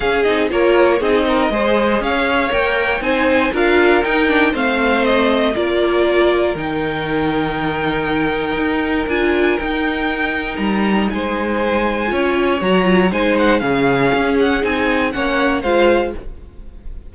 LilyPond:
<<
  \new Staff \with { instrumentName = "violin" } { \time 4/4 \tempo 4 = 119 f''8 dis''8 cis''4 dis''2 | f''4 g''4 gis''4 f''4 | g''4 f''4 dis''4 d''4~ | d''4 g''2.~ |
g''2 gis''4 g''4~ | g''4 ais''4 gis''2~ | gis''4 ais''4 gis''8 fis''8 f''4~ | f''8 fis''8 gis''4 fis''4 f''4 | }
  \new Staff \with { instrumentName = "violin" } { \time 4/4 gis'4 ais'4 gis'8 ais'8 c''4 | cis''2 c''4 ais'4~ | ais'4 c''2 ais'4~ | ais'1~ |
ais'1~ | ais'2 c''2 | cis''2 c''4 gis'4~ | gis'2 cis''4 c''4 | }
  \new Staff \with { instrumentName = "viola" } { \time 4/4 cis'8 dis'8 f'4 dis'4 gis'4~ | gis'4 ais'4 dis'4 f'4 | dis'8 d'8 c'2 f'4~ | f'4 dis'2.~ |
dis'2 f'4 dis'4~ | dis'1 | f'4 fis'8 f'8 dis'4 cis'4~ | cis'4 dis'4 cis'4 f'4 | }
  \new Staff \with { instrumentName = "cello" } { \time 4/4 cis'8 c'8 ais4 c'4 gis4 | cis'4 ais4 c'4 d'4 | dis'4 a2 ais4~ | ais4 dis2.~ |
dis4 dis'4 d'4 dis'4~ | dis'4 g4 gis2 | cis'4 fis4 gis4 cis4 | cis'4 c'4 ais4 gis4 | }
>>